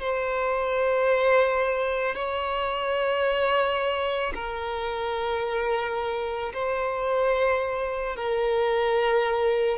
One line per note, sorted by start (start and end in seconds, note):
0.00 2.15 C5
2.15 4.33 C#5
4.35 6.53 A#4
6.54 8.17 C5
8.17 9.78 A#4